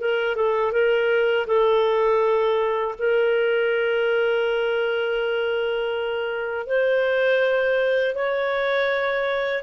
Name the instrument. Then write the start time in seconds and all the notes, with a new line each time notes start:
clarinet
0.00 A#4
0.36 A4
0.72 A#4
1.46 A4
2.98 A#4
6.66 C5
8.15 C#5